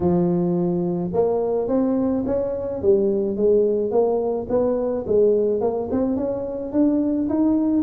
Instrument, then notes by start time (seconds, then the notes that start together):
tuba
0.00 F3
1.13 A#3
1.68 C4
2.26 C#4
2.81 G3
3.36 G#3
3.91 A#3
4.49 B3
5.06 G#3
5.60 A#3
5.91 C4
6.16 C#4
6.72 D4
7.29 D#4